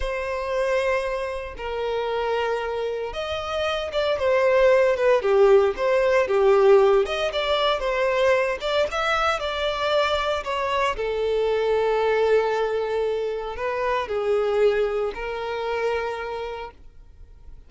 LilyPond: \new Staff \with { instrumentName = "violin" } { \time 4/4 \tempo 4 = 115 c''2. ais'4~ | ais'2 dis''4. d''8 | c''4. b'8 g'4 c''4 | g'4. dis''8 d''4 c''4~ |
c''8 d''8 e''4 d''2 | cis''4 a'2.~ | a'2 b'4 gis'4~ | gis'4 ais'2. | }